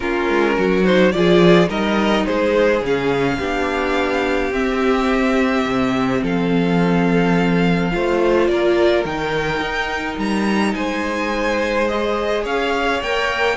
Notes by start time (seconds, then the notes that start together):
0.00 A#3 C#4 F4 A#4
0.29 G#3
0.56 F#3 F#4
0.84 D#4 C5
1.11 F3 F4 G#4 D5
1.67 G3 D#4 A#4 D#5
2.25 G#3 G#4 C5
2.81 C#3 C#4 F5
3.38 B3 D4 G4
4.51 C4 E5
5.65 C3
6.22 F3 A4 F5
7.91 A3 F4 C5
8.47 A#3 A#4 D5
9.04 D#3 D#4 G5
9.60 D#4
10.17 G3 A#5
10.74 G#3 C5 G#5
11.87 G#4 D#5
12.43 C#4 C#5 F5
13.02 A#3 A#4 G5